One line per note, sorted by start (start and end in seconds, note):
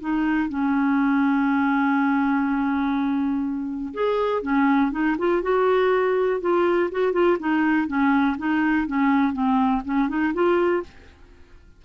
0.00 0.49 D#4
0.49 3.93 C#4
3.94 4.42 G#4
4.42 4.91 C#4
4.92 5.16 D#4
5.18 5.42 F4
5.42 6.40 F#4
6.40 6.90 F4
6.91 7.13 F#4
7.13 7.37 F4
7.39 7.88 D#4
7.88 8.37 C#4
8.38 8.87 D#4
8.87 9.33 C#4
9.33 9.82 C4
9.85 10.09 C#4
10.09 10.33 D#4
10.34 10.83 F4